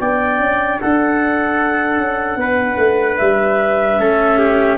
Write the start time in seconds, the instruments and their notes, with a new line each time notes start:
0.00 tuba B3, cello D4, trumpet D5, clarinet G5
0.40 tuba C#4
0.81 tuba D4, trumpet A4, clarinet F#5
1.98 tuba C#4
2.37 tuba B3, trumpet B4
2.77 tuba A3
3.18 tuba G3, clarinet E5
3.99 tuba A3, cello C#4, trumpet A4
4.39 trumpet G4